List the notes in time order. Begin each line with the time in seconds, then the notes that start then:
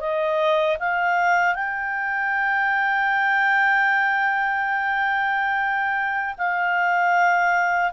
0.00 D#5
0.79 F5
1.55 G5
6.38 F5